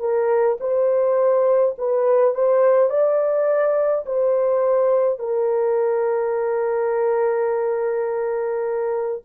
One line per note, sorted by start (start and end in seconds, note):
0.00 0.58 A#4
0.61 1.76 C5
1.79 2.35 B4
2.35 2.91 C5
2.91 4.06 D5
4.06 5.19 C5
5.19 9.23 A#4